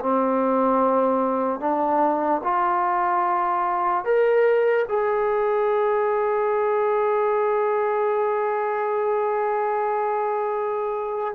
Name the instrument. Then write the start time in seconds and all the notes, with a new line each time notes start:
trombone
0.00 C4
1.60 D4
2.44 F4
4.05 A#4
4.89 G#4